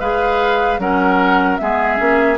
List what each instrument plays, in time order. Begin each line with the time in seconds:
0.00 bassoon G#3, clarinet G#4, oboe B4, flute F5
0.78 bassoon F#3, clarinet C#4, oboe A#4, flute F#5
1.57 bassoon G#3, clarinet B3, oboe G#4, flute E5
1.97 bassoon A#3, clarinet C#4